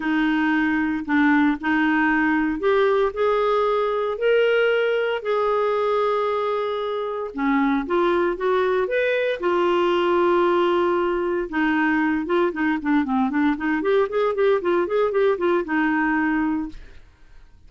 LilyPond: \new Staff \with { instrumentName = "clarinet" } { \time 4/4 \tempo 4 = 115 dis'2 d'4 dis'4~ | dis'4 g'4 gis'2 | ais'2 gis'2~ | gis'2 cis'4 f'4 |
fis'4 b'4 f'2~ | f'2 dis'4. f'8 | dis'8 d'8 c'8 d'8 dis'8 g'8 gis'8 g'8 | f'8 gis'8 g'8 f'8 dis'2 | }